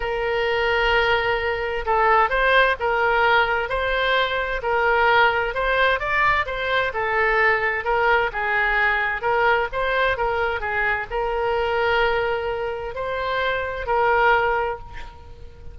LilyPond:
\new Staff \with { instrumentName = "oboe" } { \time 4/4 \tempo 4 = 130 ais'1 | a'4 c''4 ais'2 | c''2 ais'2 | c''4 d''4 c''4 a'4~ |
a'4 ais'4 gis'2 | ais'4 c''4 ais'4 gis'4 | ais'1 | c''2 ais'2 | }